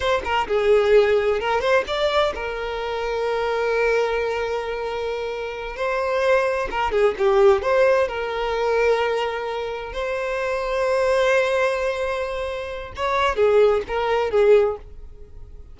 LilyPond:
\new Staff \with { instrumentName = "violin" } { \time 4/4 \tempo 4 = 130 c''8 ais'8 gis'2 ais'8 c''8 | d''4 ais'2.~ | ais'1~ | ais'8 c''2 ais'8 gis'8 g'8~ |
g'8 c''4 ais'2~ ais'8~ | ais'4. c''2~ c''8~ | c''1 | cis''4 gis'4 ais'4 gis'4 | }